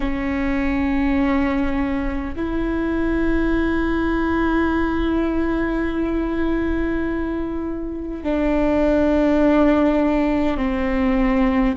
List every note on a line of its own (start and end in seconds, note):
0.00 2.34 C#4
2.35 8.24 E4
8.24 10.57 D4
10.57 11.74 C4